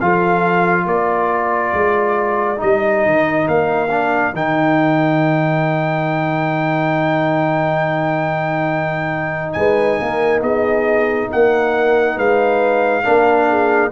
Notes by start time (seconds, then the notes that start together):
0.00 F3 F4 A4 F5
0.84 A#3 A#4 D5
1.73 G#3
2.57 G3 D#4 D#5
3.06 D#3
3.48 A#3 F5
3.90 D4
4.33 D#3 D#4 G5
9.53 G#3 B4 G#5
10.00 A#3 A#4
10.41 B3 G#4 D#5
11.31 A#3 A#4 F#5
12.16 G#3 B4 F5
13.04 A#3 D4 A#4
13.49 G#4